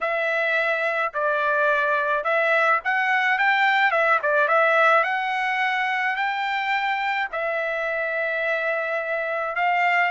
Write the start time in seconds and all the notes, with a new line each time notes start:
0.00 E5
1.13 D5
2.24 E5
2.84 F#5
3.38 G5
3.91 E5
4.22 D5
4.48 E5
5.03 F#5
6.15 G5
7.32 E5
9.55 F5